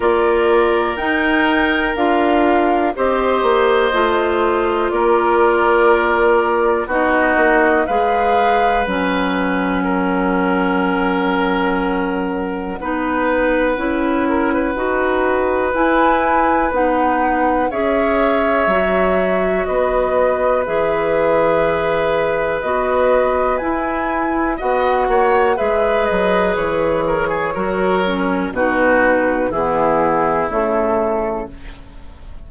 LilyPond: <<
  \new Staff \with { instrumentName = "flute" } { \time 4/4 \tempo 4 = 61 d''4 g''4 f''4 dis''4~ | dis''4 d''2 dis''4 | f''4 fis''2.~ | fis''1 |
gis''4 fis''4 e''2 | dis''4 e''2 dis''4 | gis''4 fis''4 e''8 dis''8 cis''4~ | cis''4 b'4 gis'4 a'4 | }
  \new Staff \with { instrumentName = "oboe" } { \time 4/4 ais'2. c''4~ | c''4 ais'2 fis'4 | b'2 ais'2~ | ais'4 b'4. ais'16 b'4~ b'16~ |
b'2 cis''2 | b'1~ | b'4 dis''8 cis''8 b'4. ais'16 gis'16 | ais'4 fis'4 e'2 | }
  \new Staff \with { instrumentName = "clarinet" } { \time 4/4 f'4 dis'4 f'4 g'4 | f'2. dis'4 | gis'4 cis'2.~ | cis'4 dis'4 e'4 fis'4 |
e'4 dis'4 gis'4 fis'4~ | fis'4 gis'2 fis'4 | e'4 fis'4 gis'2 | fis'8 cis'8 dis'4 b4 a4 | }
  \new Staff \with { instrumentName = "bassoon" } { \time 4/4 ais4 dis'4 d'4 c'8 ais8 | a4 ais2 b8 ais8 | gis4 fis2.~ | fis4 b4 cis'4 dis'4 |
e'4 b4 cis'4 fis4 | b4 e2 b4 | e'4 b8 ais8 gis8 fis8 e4 | fis4 b,4 e4 cis4 | }
>>